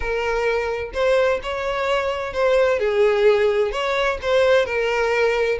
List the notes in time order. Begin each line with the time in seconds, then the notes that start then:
0.00 A#4
0.93 C5
1.42 C#5
2.33 C5
2.79 G#4
3.71 C#5
4.22 C5
4.65 A#4